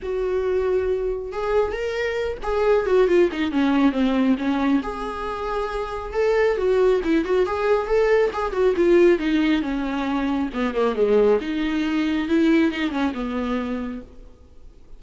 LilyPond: \new Staff \with { instrumentName = "viola" } { \time 4/4 \tempo 4 = 137 fis'2. gis'4 | ais'4. gis'4 fis'8 f'8 dis'8 | cis'4 c'4 cis'4 gis'4~ | gis'2 a'4 fis'4 |
e'8 fis'8 gis'4 a'4 gis'8 fis'8 | f'4 dis'4 cis'2 | b8 ais8 gis4 dis'2 | e'4 dis'8 cis'8 b2 | }